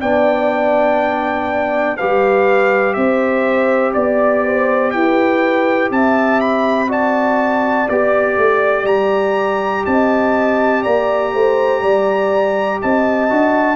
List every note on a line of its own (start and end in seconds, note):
0.00 1.99 B3
0.00 1.98 D4
0.00 1.97 D5
0.00 1.97 G5
1.97 2.96 G3
1.97 6.88 G4
1.97 2.95 B4
1.97 2.93 F5
2.93 3.94 C4
2.93 3.94 C5
2.93 3.92 E5
3.93 4.94 B3
3.93 4.91 D5
3.93 4.43 D5
4.45 4.94 C5
4.91 5.90 E4
4.91 5.92 B4
4.91 5.89 G5
5.90 7.87 C4
5.90 6.89 E5
5.90 6.41 A5
6.41 6.90 B5
6.88 7.86 F#4
6.88 9.84 D5
6.88 7.89 A5
7.89 8.37 B3
7.89 13.29 G4
7.89 8.86 D5
8.37 8.84 A3
8.84 9.82 G3
8.84 9.84 A#5
9.85 10.85 C4
9.85 10.82 D#5
9.85 10.83 A5
10.82 11.33 A#3
10.82 11.32 D5
10.82 12.80 A#5
11.33 11.82 A3
11.33 11.81 C5
11.81 12.81 G3
11.81 12.80 D5
12.82 13.31 C4
12.82 13.75 D#5
12.82 13.75 A5
13.29 13.75 D4
13.29 13.75 F#4